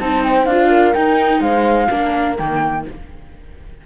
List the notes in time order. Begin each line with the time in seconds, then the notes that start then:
0.00 C4 D#4 C5 A5
0.24 G5
0.46 D4 F4 F5
0.69 A#4
0.94 D#4 G5
1.41 G#3 C5 F5
1.90 A#3 D4 A#4
2.39 D#3 A#3 G5